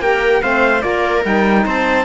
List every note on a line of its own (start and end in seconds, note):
0.00 0.41 A#3
0.00 0.42 G4
0.00 0.43 A#4
0.00 0.43 G5
0.42 0.85 A3
0.42 0.80 C4
0.42 0.83 C5
0.42 0.82 F5
0.80 1.25 A#3
0.80 1.21 F4
0.80 1.65 A#4
0.80 1.23 D5
1.23 1.66 G3
1.23 2.05 D#4
1.23 1.66 G5
1.66 2.05 C4
1.66 2.05 C5
1.66 2.05 A5